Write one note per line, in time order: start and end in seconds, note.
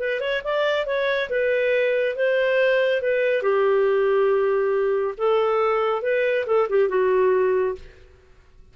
0.00 0.21 B4
0.21 0.42 C#5
0.45 0.87 D5
0.87 1.30 C#5
1.30 2.16 B4
2.16 3.02 C5
3.02 3.43 B4
3.43 5.15 G4
5.18 6.02 A4
6.02 6.46 B4
6.47 6.68 A4
6.70 6.89 G4
6.89 7.76 F#4